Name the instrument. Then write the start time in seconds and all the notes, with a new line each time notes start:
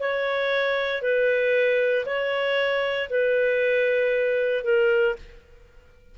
clarinet
0.00 C#5
1.02 B4
2.05 C#5
3.10 B4
4.64 A#4